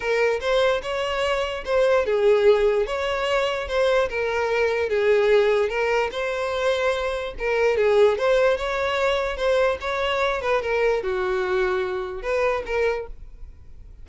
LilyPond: \new Staff \with { instrumentName = "violin" } { \time 4/4 \tempo 4 = 147 ais'4 c''4 cis''2 | c''4 gis'2 cis''4~ | cis''4 c''4 ais'2 | gis'2 ais'4 c''4~ |
c''2 ais'4 gis'4 | c''4 cis''2 c''4 | cis''4. b'8 ais'4 fis'4~ | fis'2 b'4 ais'4 | }